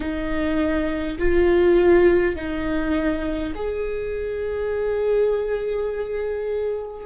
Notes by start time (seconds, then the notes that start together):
0.00 D#4
1.18 F4
2.35 D#4
3.55 G#4